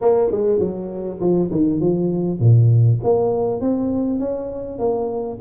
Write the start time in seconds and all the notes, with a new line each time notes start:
0.01 A#3
0.31 G#3
0.59 F#3
1.20 F3
1.51 D#3
1.80 F3
2.39 A#2
3.03 A#3
3.60 C4
4.19 C#4
4.78 A#3